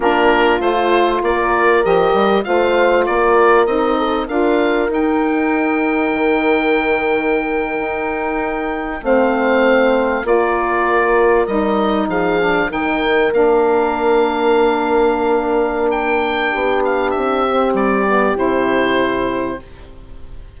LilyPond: <<
  \new Staff \with { instrumentName = "oboe" } { \time 4/4 \tempo 4 = 98 ais'4 c''4 d''4 dis''4 | f''4 d''4 dis''4 f''4 | g''1~ | g''2~ g''8. f''4~ f''16~ |
f''8. d''2 dis''4 f''16~ | f''8. g''4 f''2~ f''16~ | f''2 g''4. f''8 | e''4 d''4 c''2 | }
  \new Staff \with { instrumentName = "horn" } { \time 4/4 f'2 ais'2 | c''4 ais'4. a'8 ais'4~ | ais'1~ | ais'2~ ais'8. c''4~ c''16~ |
c''8. ais'2. gis'16~ | gis'8. ais'2.~ ais'16~ | ais'2. g'4~ | g'1 | }
  \new Staff \with { instrumentName = "saxophone" } { \time 4/4 d'4 f'2 g'4 | f'2 dis'4 f'4 | dis'1~ | dis'2~ dis'8. c'4~ c'16~ |
c'8. f'2 dis'4~ dis'16~ | dis'16 d'8 dis'4 d'2~ d'16~ | d'1~ | d'8 c'4 b8 e'2 | }
  \new Staff \with { instrumentName = "bassoon" } { \time 4/4 ais4 a4 ais4 f8 g8 | a4 ais4 c'4 d'4 | dis'2 dis2~ | dis8. dis'2 a4~ a16~ |
a8. ais2 g4 f16~ | f8. dis4 ais2~ ais16~ | ais2. b4 | c'4 g4 c2 | }
>>